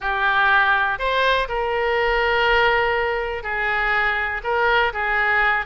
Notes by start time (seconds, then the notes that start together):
0.00 G4
0.99 C5
1.48 A#4
3.43 G#4
4.43 A#4
4.93 G#4